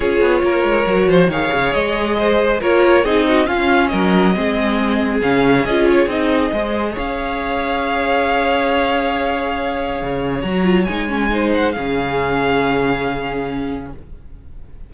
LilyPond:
<<
  \new Staff \with { instrumentName = "violin" } { \time 4/4 \tempo 4 = 138 cis''2. f''4 | dis''2 cis''4 dis''4 | f''4 dis''2. | f''4 dis''8 cis''8 dis''2 |
f''1~ | f''1 | ais''4 gis''4. fis''8 f''4~ | f''1 | }
  \new Staff \with { instrumentName = "violin" } { \time 4/4 gis'4 ais'4. c''8 cis''4~ | cis''4 c''4 ais'4 gis'8 fis'8 | f'4 ais'4 gis'2~ | gis'2. c''4 |
cis''1~ | cis''1~ | cis''2 c''4 gis'4~ | gis'1 | }
  \new Staff \with { instrumentName = "viola" } { \time 4/4 f'2 fis'4 gis'4~ | gis'2 f'4 dis'4 | cis'2 c'2 | cis'4 f'4 dis'4 gis'4~ |
gis'1~ | gis'1 | fis'8 f'8 dis'8 cis'8 dis'4 cis'4~ | cis'1 | }
  \new Staff \with { instrumentName = "cello" } { \time 4/4 cis'8 b8 ais8 gis8 fis8 f8 dis8 cis8 | gis2 ais4 c'4 | cis'4 fis4 gis2 | cis4 cis'4 c'4 gis4 |
cis'1~ | cis'2. cis4 | fis4 gis2 cis4~ | cis1 | }
>>